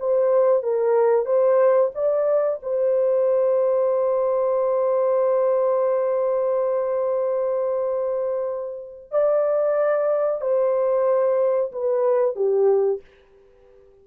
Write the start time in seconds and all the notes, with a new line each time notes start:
0.00 C5
0.63 A#4
1.26 C5
1.95 D5
2.63 C5
9.12 D5
10.42 C5
11.72 B4
12.36 G4